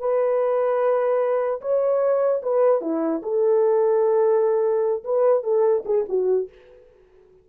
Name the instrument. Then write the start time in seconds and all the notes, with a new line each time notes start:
horn
0.00 B4
1.61 C#5
2.43 B4
2.82 E4
3.23 A4
5.04 B4
5.43 A4
5.86 G#4
6.09 F#4